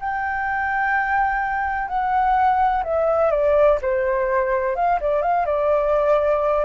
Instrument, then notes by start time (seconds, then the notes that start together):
flute
0.00 G5
1.88 F#5
2.84 E5
3.31 D5
3.82 C5
4.76 F5
5.01 D5
5.22 F5
5.46 D5